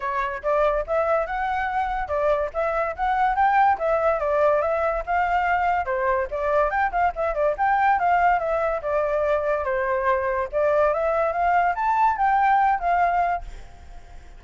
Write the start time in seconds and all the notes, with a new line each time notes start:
0.00 C#5
0.42 D5
0.86 E5
1.26 F#5
2.08 D5
2.53 E5
2.96 F#5
3.35 G5
3.78 E5
4.19 D5
4.61 E5
5.06 F5
5.85 C5
6.31 D5
6.70 G5
6.91 F5
7.15 E5
7.34 D5
7.57 G5
7.99 F5
8.39 E5
8.82 D5
9.64 C5
10.51 D5
10.93 E5
11.32 F5
11.75 A5
12.17 G5
12.79 F5